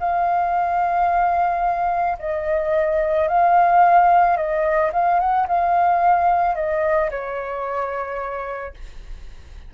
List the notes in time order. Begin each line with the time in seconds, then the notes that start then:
0.00 F5
2.19 D#5
3.28 F5
4.37 D#5
4.93 F5
5.20 F#5
5.48 F5
6.56 D#5
7.11 C#5